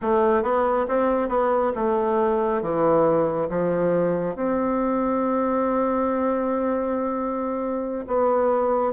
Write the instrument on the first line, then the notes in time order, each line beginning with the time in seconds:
bassoon
0.01 A3
0.43 B3
0.87 C4
1.28 B3
1.75 A3
2.61 E3
3.49 F3
4.35 C4
8.07 B3